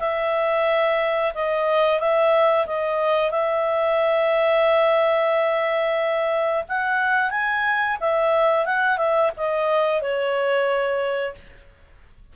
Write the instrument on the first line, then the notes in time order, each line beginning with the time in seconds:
clarinet
0.00 E5
1.35 D#5
2.00 E5
2.66 D#5
3.31 E5
6.69 F#5
7.31 G#5
8.01 E5
8.66 F#5
8.98 E5
9.37 D#5
10.02 C#5